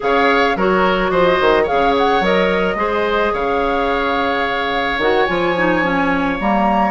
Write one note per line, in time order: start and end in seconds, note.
0.00 0.55 C#3
0.00 0.55 G#4
0.00 0.56 C#5
0.00 0.57 F5
0.55 1.11 F#3
0.55 1.66 F#4
0.55 1.11 A#4
0.55 1.10 C#5
1.10 1.38 F3
1.10 1.63 C5
1.10 1.65 D#5
1.40 1.68 D#3
1.63 2.22 G#4
1.63 2.74 C#5
1.63 1.94 F5
1.71 2.20 C#3
1.97 2.23 F#5
2.20 2.75 F#3
2.20 2.76 A#4
2.20 3.34 D#5
2.75 3.30 G#3
2.75 4.98 G#4
2.75 3.33 C5
3.33 4.97 C#3
3.33 6.91 C#5
3.33 5.01 F5
4.97 5.25 D#3
4.97 5.27 F#4
4.97 5.26 F#5
5.26 6.39 F3
5.26 5.55 F4
5.26 6.37 G#5
5.56 5.83 D#4
5.83 6.39 C#4
6.39 6.91 G3
6.39 6.91 A#3
6.39 6.91 A#5